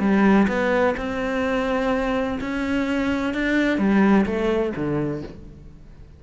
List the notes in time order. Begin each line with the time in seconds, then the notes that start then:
0.00 G3
0.48 B3
0.97 C4
2.41 C#4
3.34 D4
3.78 G3
4.26 A3
4.76 D3